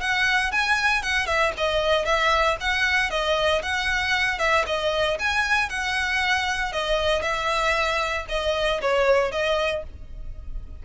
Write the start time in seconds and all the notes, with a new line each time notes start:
0.00 F#5
0.51 G#5
1.02 F#5
1.26 E5
1.57 D#5
2.05 E5
2.60 F#5
3.10 D#5
3.62 F#5
4.39 E5
4.66 D#5
5.19 G#5
5.69 F#5
6.72 D#5
7.22 E5
8.29 D#5
8.81 C#5
9.31 D#5